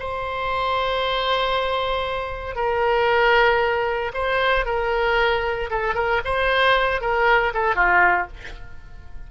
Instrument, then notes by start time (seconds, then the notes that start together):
oboe
0.00 C5
2.56 A#4
4.14 C5
4.66 A#4
5.71 A4
5.95 A#4
6.25 C5
7.01 A#4
7.54 A4
7.76 F4